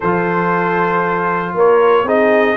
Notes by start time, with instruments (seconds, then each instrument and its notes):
0.00 tuba F3, trombone F4, horn A4, trumpet C5
1.53 tuba A#3, horn A#4, trumpet C#5
2.03 tuba C4, trombone D#4, horn G#4, trumpet D#5